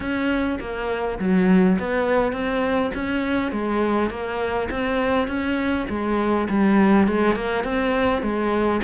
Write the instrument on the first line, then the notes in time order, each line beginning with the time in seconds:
cello
0.00 C#4
0.60 A#3
1.19 F#3
1.79 B3
2.32 C4
2.94 C#4
3.51 G#3
4.10 A#3
4.70 C4
5.27 C#4
5.89 G#3
6.49 G3
7.07 G#3
7.35 A#3
7.64 C4
8.22 G#3